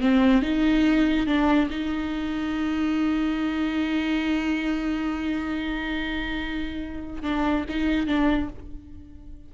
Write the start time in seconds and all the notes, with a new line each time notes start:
0.00 C4
0.42 D#4
1.26 D4
1.70 D#4
7.22 D4
7.68 D#4
8.06 D4